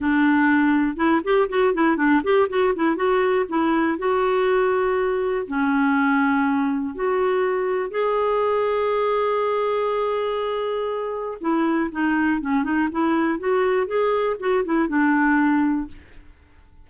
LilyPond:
\new Staff \with { instrumentName = "clarinet" } { \time 4/4 \tempo 4 = 121 d'2 e'8 g'8 fis'8 e'8 | d'8 g'8 fis'8 e'8 fis'4 e'4 | fis'2. cis'4~ | cis'2 fis'2 |
gis'1~ | gis'2. e'4 | dis'4 cis'8 dis'8 e'4 fis'4 | gis'4 fis'8 e'8 d'2 | }